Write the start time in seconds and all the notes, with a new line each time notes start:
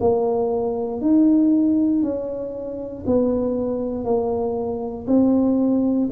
0.00 A#3
1.01 D#4
2.02 C#4
3.06 B3
4.04 A#3
5.07 C4